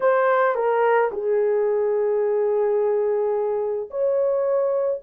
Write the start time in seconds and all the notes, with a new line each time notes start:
0.00 C5
0.55 A#4
1.11 G#4
3.90 C#5